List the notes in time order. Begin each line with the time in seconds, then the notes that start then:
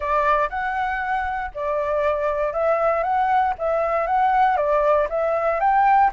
0.00 D5
0.49 F#5
1.54 D5
2.53 E5
3.03 F#5
3.58 E5
4.07 F#5
4.56 D5
5.09 E5
5.60 G5